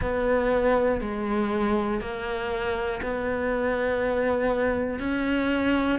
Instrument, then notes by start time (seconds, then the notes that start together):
cello
0.01 B3
1.00 G#3
2.00 A#3
3.02 B3
5.00 C#4